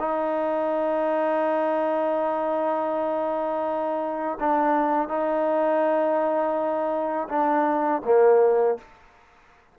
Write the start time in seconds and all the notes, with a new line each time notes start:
0.00 D#4
4.41 D4
5.09 D#4
7.29 D4
8.06 A#3